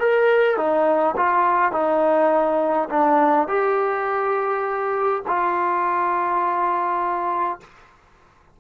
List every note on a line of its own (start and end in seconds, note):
0.00 0.57 A#4
0.57 1.16 D#4
1.17 1.73 F4
1.73 2.89 D#4
2.90 3.48 D4
3.49 5.23 G4
5.28 7.61 F4